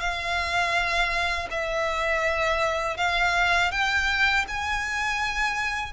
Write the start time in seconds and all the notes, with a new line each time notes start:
0.00 F5
1.51 E5
2.97 F5
3.71 G5
4.48 G#5